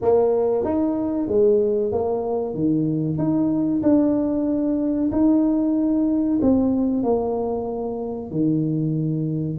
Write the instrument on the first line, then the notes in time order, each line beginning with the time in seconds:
tuba
0.01 A#3
0.64 D#4
1.28 G#3
1.91 A#3
2.54 D#3
3.18 D#4
3.82 D4
5.12 D#4
6.41 C4
7.03 A#3
8.30 D#3